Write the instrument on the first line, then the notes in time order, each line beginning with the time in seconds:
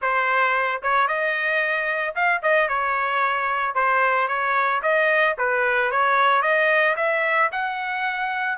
trumpet
0.01 C5
0.82 C#5
1.07 D#5
2.15 F5
2.42 D#5
2.68 C#5
3.74 C5
4.28 C#5
4.82 D#5
5.37 B4
5.91 C#5
6.42 D#5
6.96 E5
7.51 F#5